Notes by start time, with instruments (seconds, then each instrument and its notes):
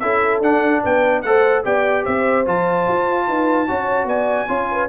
0.00 tuba C#4, trombone E4, horn A4, trumpet E5
0.41 tuba D4, trombone D4, trumpet F#5
0.84 tuba B3, horn B4, trumpet G5
1.22 tuba A3, trombone A4, horn C5, trumpet F#5
1.65 tuba B3, trombone G4, horn D5, trumpet G5
2.04 tuba C4, horn C5, trumpet E5
2.46 tuba F3, trombone F4, trumpet A5
2.88 tuba F4
3.28 tuba D#4, horn B4
3.67 tuba C#4, trombone F#4, horn C#5
4.05 tuba B3, horn D5, trumpet G#5
4.48 tuba C#4, trombone F4, horn C#5
4.71 horn B4